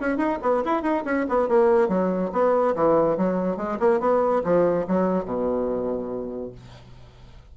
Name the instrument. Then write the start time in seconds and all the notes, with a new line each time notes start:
bassoon
0.00 C#4
0.17 D#4
0.42 B3
0.65 E4
0.83 D#4
1.05 C#4
1.29 B3
1.49 A#3
1.89 F#3
2.33 B3
2.76 E3
3.17 F#3
3.57 G#3
3.80 A#3
4.00 B3
4.44 F3
4.88 F#3
5.25 B2